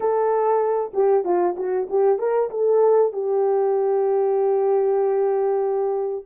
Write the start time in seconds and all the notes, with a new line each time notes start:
0.00 A4
0.93 G4
1.24 F4
1.56 F#4
1.89 G4
2.18 A#4
2.50 A4
3.12 G4